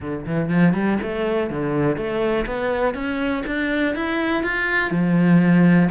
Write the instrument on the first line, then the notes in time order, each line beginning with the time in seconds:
cello
0.00 D3
0.25 E3
0.49 F3
0.73 G3
1.02 A3
1.50 D3
1.96 A3
2.46 B3
2.94 C#4
3.46 D4
3.95 E4
4.43 F4
4.90 F3